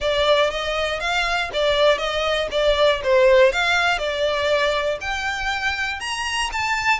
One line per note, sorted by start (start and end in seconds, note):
0.00 0.50 D5
0.50 1.00 D#5
1.00 1.50 F5
1.53 1.97 D5
1.97 2.48 D#5
2.51 3.01 D5
3.03 3.52 C5
3.52 3.98 F5
3.98 4.98 D5
5.00 6.00 G5
6.00 6.50 A#5
6.52 6.99 A5